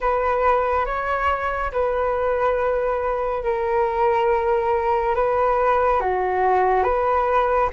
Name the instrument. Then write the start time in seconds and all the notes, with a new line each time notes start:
flute
0.00 B4
0.85 C#5
1.72 B4
3.43 A#4
5.15 B4
6.00 F#4
6.83 B4